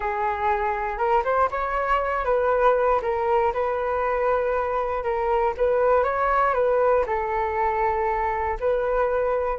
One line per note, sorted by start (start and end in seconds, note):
0.00 0.98 G#4
0.98 1.23 A#4
1.24 1.49 C5
1.51 2.25 C#5
2.25 3.00 B4
3.02 3.52 A#4
3.53 5.03 B4
5.03 5.53 A#4
5.57 6.03 B4
6.03 6.54 C#5
6.54 7.04 B4
7.06 8.57 A4
8.60 9.58 B4